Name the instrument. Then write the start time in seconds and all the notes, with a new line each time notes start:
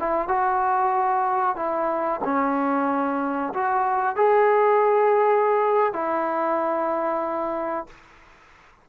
trombone
0.00 E4
0.28 F#4
1.56 E4
2.24 C#4
3.54 F#4
4.16 G#4
5.94 E4